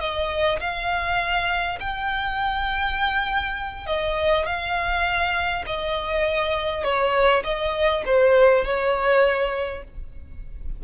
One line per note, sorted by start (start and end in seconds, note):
0.00 0.59 D#5
0.60 1.79 F5
1.80 3.86 G5
3.86 4.46 D#5
4.46 5.65 F5
5.66 6.84 D#5
6.84 7.43 C#5
7.44 8.03 D#5
8.05 8.65 C5
8.65 9.83 C#5